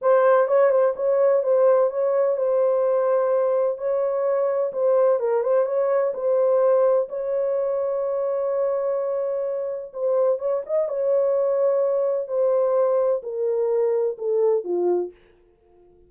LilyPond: \new Staff \with { instrumentName = "horn" } { \time 4/4 \tempo 4 = 127 c''4 cis''8 c''8 cis''4 c''4 | cis''4 c''2. | cis''2 c''4 ais'8 c''8 | cis''4 c''2 cis''4~ |
cis''1~ | cis''4 c''4 cis''8 dis''8 cis''4~ | cis''2 c''2 | ais'2 a'4 f'4 | }